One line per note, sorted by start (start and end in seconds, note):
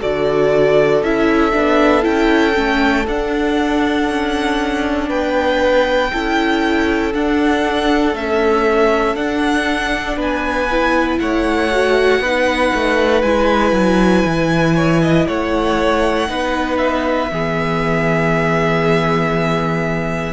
0.00 1.02 D3
0.00 1.03 F#4
0.00 5.08 A4
0.00 1.04 D5
1.02 1.53 C#4
1.02 1.52 E4
1.02 2.04 E5
1.52 2.06 B3
1.52 2.02 D4
2.02 2.57 C#4
2.02 2.53 E4
2.02 3.06 G5
2.54 3.07 A3
2.54 3.05 C#4
3.07 6.12 D4
3.07 4.09 D4
3.07 5.10 F#5
4.09 5.10 C#4
5.09 6.12 B3
5.09 6.11 B4
5.09 7.13 G5
6.13 7.14 C#4
6.13 7.14 E4
6.13 10.17 A4
7.14 8.13 D4
7.14 8.15 D4
7.14 8.16 F#5
8.13 9.15 A3
8.13 9.16 C#4
8.13 9.16 E5
9.15 10.68 D4
9.15 10.17 D4
9.15 10.18 F#5
10.17 11.19 B3
10.17 11.18 B4
10.17 11.19 G#5
10.71 11.72 E4
11.19 12.20 A3
11.19 12.22 C#5
11.19 13.22 F#5
11.72 12.22 F#4
12.20 12.71 B3
12.20 13.24 D#4
12.20 14.76 B4
12.74 13.23 A3
13.22 13.72 G#3
13.22 16.28 E4
13.22 15.25 G#5
13.72 14.23 F#3
14.25 15.27 E3
14.76 15.01 C#5
15.02 15.27 D#5
15.27 16.29 A3
15.27 16.29 C#5
15.27 16.78 F#5
16.28 17.31 B3
16.28 17.29 D#4
16.28 17.31 B4
16.78 20.33 E5
17.31 20.33 E3
17.31 20.33 B3
17.31 20.33 G#4